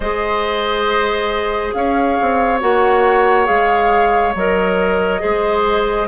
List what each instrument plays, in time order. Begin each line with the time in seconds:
0.00 bassoon G#3, clarinet G#4, oboe C5, flute D#5
1.73 bassoon C#4, oboe C#5, flute F5
2.21 bassoon C4
2.60 bassoon A#3, clarinet F#4, flute F#5
3.45 bassoon G#3, clarinet G#4, flute F5
4.34 bassoon F#3, clarinet A#4, flute D#5
5.19 bassoon G#3, clarinet G#4, oboe C5